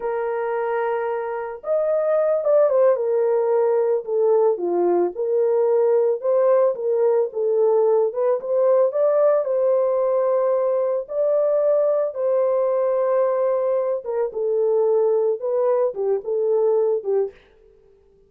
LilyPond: \new Staff \with { instrumentName = "horn" } { \time 4/4 \tempo 4 = 111 ais'2. dis''4~ | dis''8 d''8 c''8 ais'2 a'8~ | a'8 f'4 ais'2 c''8~ | c''8 ais'4 a'4. b'8 c''8~ |
c''8 d''4 c''2~ c''8~ | c''8 d''2 c''4.~ | c''2 ais'8 a'4.~ | a'8 b'4 g'8 a'4. g'8 | }